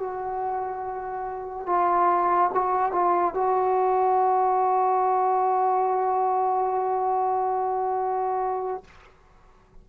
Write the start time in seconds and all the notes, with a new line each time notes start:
0.00 F#4
1.67 F4
2.55 F#4
2.93 F4
3.35 F#4